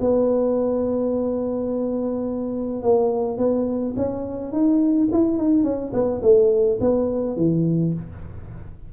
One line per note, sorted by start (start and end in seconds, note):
0.00 2.82 B3
2.82 3.37 A#3
3.37 3.94 B3
3.96 4.52 C#4
4.52 5.08 D#4
5.11 5.37 E4
5.37 5.63 D#4
5.63 5.92 C#4
5.93 6.21 B3
6.22 6.78 A3
6.80 7.36 B3
7.36 7.93 E3